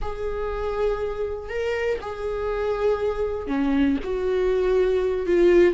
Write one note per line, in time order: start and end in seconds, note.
0.01 1.49 G#4
1.49 1.99 A#4
2.01 3.47 G#4
3.47 3.97 C#4
4.03 5.26 F#4
5.26 5.73 F4